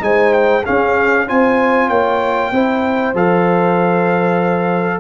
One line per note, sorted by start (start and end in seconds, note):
0.00 0.64 G#3
0.00 0.62 D#4
0.00 0.64 C5
0.00 0.33 G#5
0.33 0.65 G5
0.64 1.28 C#4
0.64 1.31 C#4
0.64 1.26 G#4
0.64 1.28 F5
1.28 1.90 C4
1.28 2.53 F4
1.28 1.88 C5
1.28 1.89 G#5
1.88 2.52 A#3
1.88 2.51 C#5
1.88 3.14 G5
2.52 3.14 C4
2.52 3.15 E4
2.52 5.01 C5
3.14 5.01 F3
3.14 5.01 A4
3.14 5.01 F5